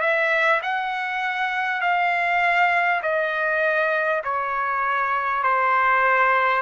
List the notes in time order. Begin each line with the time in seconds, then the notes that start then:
0.00 E5
0.62 F#5
1.81 F5
3.02 D#5
4.24 C#5
5.43 C5